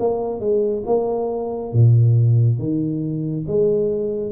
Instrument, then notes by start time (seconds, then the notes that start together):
tuba
0.00 A#3
0.40 G#3
0.86 A#3
1.73 A#2
2.59 D#3
3.47 G#3